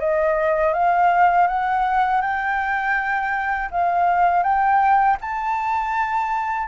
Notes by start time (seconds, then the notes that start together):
0.00 D#5
0.74 F5
1.48 F#5
2.22 G5
3.71 F5
4.43 G5
5.21 A5